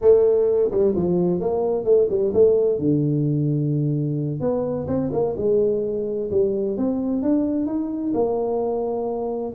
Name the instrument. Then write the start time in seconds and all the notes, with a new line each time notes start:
tuba
0.01 A3
0.71 G3
0.95 F3
1.40 A#3
1.84 A3
2.09 G3
2.33 A3
2.78 D3
4.40 B3
4.87 C4
5.12 A#3
5.37 G#3
6.30 G3
6.77 C4
7.22 D4
7.66 D#4
8.14 A#3